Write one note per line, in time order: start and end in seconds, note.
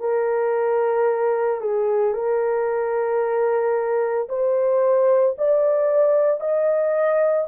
0.00 1.60 A#4
1.60 2.13 G#4
2.13 4.28 A#4
4.29 5.36 C5
5.38 6.40 D5
6.40 7.47 D#5